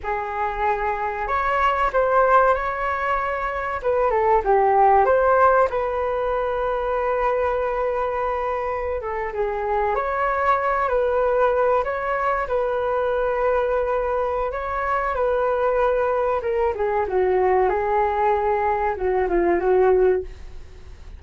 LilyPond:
\new Staff \with { instrumentName = "flute" } { \time 4/4 \tempo 4 = 95 gis'2 cis''4 c''4 | cis''2 b'8 a'8 g'4 | c''4 b'2.~ | b'2~ b'16 a'8 gis'4 cis''16~ |
cis''4~ cis''16 b'4. cis''4 b'16~ | b'2. cis''4 | b'2 ais'8 gis'8 fis'4 | gis'2 fis'8 f'8 fis'4 | }